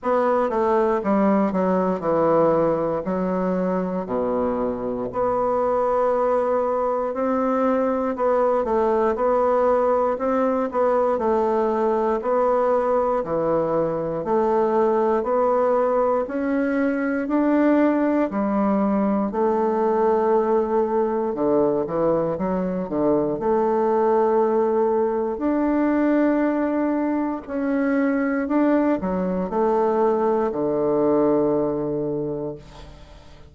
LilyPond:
\new Staff \with { instrumentName = "bassoon" } { \time 4/4 \tempo 4 = 59 b8 a8 g8 fis8 e4 fis4 | b,4 b2 c'4 | b8 a8 b4 c'8 b8 a4 | b4 e4 a4 b4 |
cis'4 d'4 g4 a4~ | a4 d8 e8 fis8 d8 a4~ | a4 d'2 cis'4 | d'8 fis8 a4 d2 | }